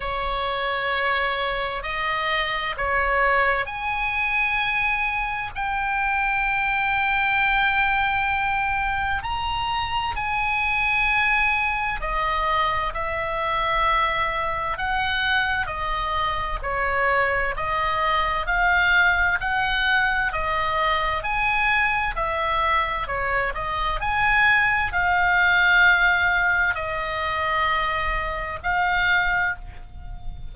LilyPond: \new Staff \with { instrumentName = "oboe" } { \time 4/4 \tempo 4 = 65 cis''2 dis''4 cis''4 | gis''2 g''2~ | g''2 ais''4 gis''4~ | gis''4 dis''4 e''2 |
fis''4 dis''4 cis''4 dis''4 | f''4 fis''4 dis''4 gis''4 | e''4 cis''8 dis''8 gis''4 f''4~ | f''4 dis''2 f''4 | }